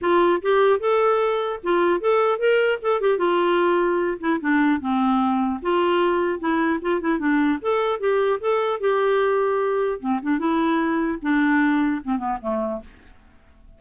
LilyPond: \new Staff \with { instrumentName = "clarinet" } { \time 4/4 \tempo 4 = 150 f'4 g'4 a'2 | f'4 a'4 ais'4 a'8 g'8 | f'2~ f'8 e'8 d'4 | c'2 f'2 |
e'4 f'8 e'8 d'4 a'4 | g'4 a'4 g'2~ | g'4 c'8 d'8 e'2 | d'2 c'8 b8 a4 | }